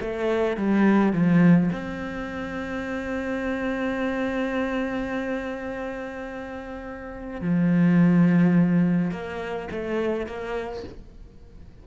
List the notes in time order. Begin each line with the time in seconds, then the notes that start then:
0.00 A3
0.56 G3
1.12 F3
1.72 C4
7.41 F3
9.11 A#3
9.71 A3
10.26 A#3